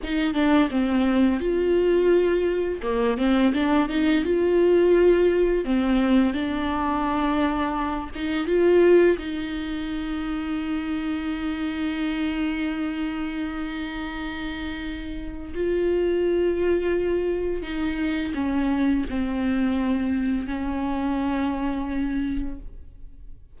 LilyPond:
\new Staff \with { instrumentName = "viola" } { \time 4/4 \tempo 4 = 85 dis'8 d'8 c'4 f'2 | ais8 c'8 d'8 dis'8 f'2 | c'4 d'2~ d'8 dis'8 | f'4 dis'2.~ |
dis'1~ | dis'2 f'2~ | f'4 dis'4 cis'4 c'4~ | c'4 cis'2. | }